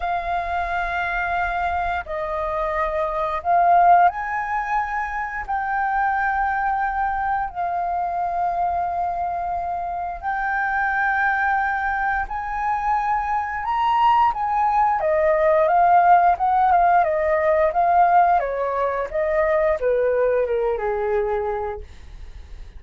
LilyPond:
\new Staff \with { instrumentName = "flute" } { \time 4/4 \tempo 4 = 88 f''2. dis''4~ | dis''4 f''4 gis''2 | g''2. f''4~ | f''2. g''4~ |
g''2 gis''2 | ais''4 gis''4 dis''4 f''4 | fis''8 f''8 dis''4 f''4 cis''4 | dis''4 b'4 ais'8 gis'4. | }